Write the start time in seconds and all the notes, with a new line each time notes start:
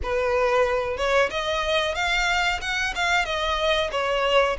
0.02 B4
0.97 C#5
1.30 D#5
1.94 F5
2.61 F#5
2.95 F5
3.25 D#5
3.91 C#5